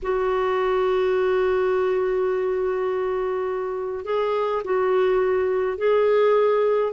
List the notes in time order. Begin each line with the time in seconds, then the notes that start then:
0.02 F#4
4.04 G#4
4.64 F#4
5.77 G#4